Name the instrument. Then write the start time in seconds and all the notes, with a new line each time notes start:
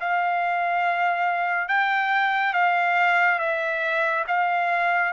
trumpet
0.00 F5
1.68 G5
2.53 F5
3.39 E5
4.27 F5